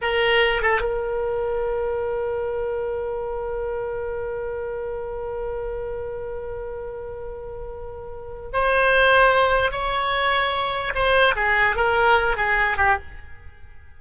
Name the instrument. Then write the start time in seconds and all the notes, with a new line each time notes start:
oboe
0.01 A#4
0.62 A4
0.80 A#4
8.52 C5
9.71 C#5
10.94 C5
11.35 G#4
11.75 A#4
12.36 G#4
12.77 G4